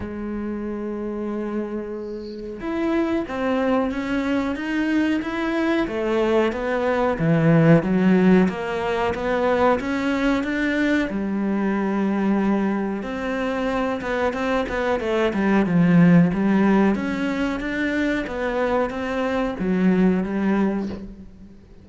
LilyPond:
\new Staff \with { instrumentName = "cello" } { \time 4/4 \tempo 4 = 92 gis1 | e'4 c'4 cis'4 dis'4 | e'4 a4 b4 e4 | fis4 ais4 b4 cis'4 |
d'4 g2. | c'4. b8 c'8 b8 a8 g8 | f4 g4 cis'4 d'4 | b4 c'4 fis4 g4 | }